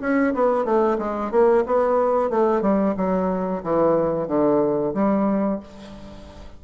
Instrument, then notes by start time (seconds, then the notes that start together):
bassoon
0.00 C#4
0.34 B3
0.64 A3
0.98 G#3
1.31 A#3
1.66 B3
2.30 A3
2.61 G3
2.96 F#3
3.63 E3
4.27 D3
4.94 G3